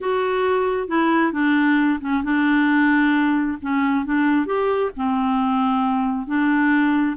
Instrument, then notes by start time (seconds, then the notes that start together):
clarinet
0.00 F#4
0.88 E4
1.32 D4
2.00 C#4
2.23 D4
3.61 C#4
4.05 D4
4.46 G4
4.96 C4
6.26 D4